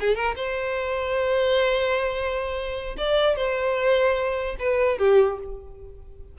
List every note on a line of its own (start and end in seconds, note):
0.00 0.15 G#4
0.15 0.35 A#4
0.36 2.96 C5
2.97 3.36 D5
3.36 4.56 C5
4.59 4.98 B4
4.98 5.38 G4